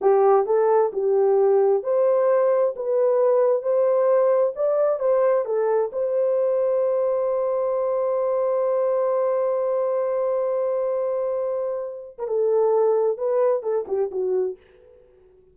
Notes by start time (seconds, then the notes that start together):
0.01 G4
0.46 A4
0.92 G4
1.83 C5
2.75 B4
3.62 C5
4.55 D5
4.99 C5
5.45 A4
5.92 C5
12.18 A#4
12.27 A4
13.17 B4
13.62 A4
13.87 G4
14.11 F#4